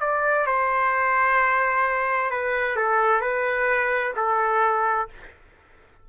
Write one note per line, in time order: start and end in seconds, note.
0.00 0.46 D5
0.46 2.30 C5
2.30 2.76 B4
2.76 3.21 A4
3.21 4.13 B4
4.16 5.08 A4